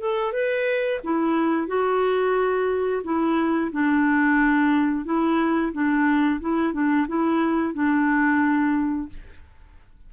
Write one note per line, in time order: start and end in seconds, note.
0.00 0.32 A4
0.32 1.00 B4
1.03 1.67 E4
1.67 3.02 F#4
3.03 3.71 E4
3.71 5.04 D4
5.04 5.72 E4
5.72 6.40 D4
6.40 6.73 E4
6.73 7.07 D4
7.08 7.73 E4
7.73 9.08 D4